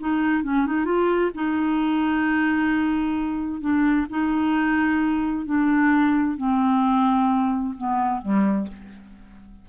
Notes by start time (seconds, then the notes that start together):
0.00 D#4
0.44 C#4
0.67 D#4
0.85 F4
1.35 D#4
3.61 D4
4.10 D#4
5.45 D4
6.37 C4
7.78 B3
8.22 G3